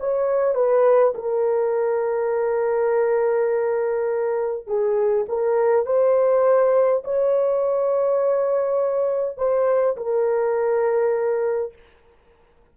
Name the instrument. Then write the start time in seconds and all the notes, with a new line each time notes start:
horn
0.00 C#5
0.55 B4
1.15 A#4
4.67 G#4
5.29 A#4
5.86 C5
7.04 C#5
9.37 C5
9.97 A#4